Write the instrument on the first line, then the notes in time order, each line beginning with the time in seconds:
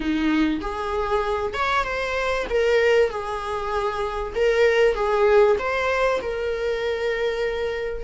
viola
0.00 D#4
0.61 G#4
1.53 C#5
1.84 C5
2.49 A#4
3.10 G#4
4.35 A#4
4.94 G#4
5.58 C5
6.21 A#4